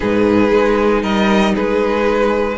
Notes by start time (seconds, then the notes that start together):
0.00 G#2 D#4 G#4 B4
0.52 G#3
1.02 G3 A#4 D#5
1.55 G#3 G#4 B4